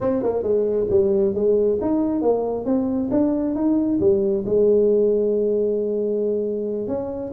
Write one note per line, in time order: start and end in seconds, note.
0.01 0.22 C4
0.22 0.42 A#3
0.42 0.87 G#3
0.90 1.34 G3
1.34 1.79 G#3
1.81 2.21 D#4
2.21 2.65 A#3
2.65 3.09 C4
3.11 3.55 D4
3.55 3.99 D#4
4.00 4.44 G3
4.45 6.87 G#3
6.87 7.32 C#4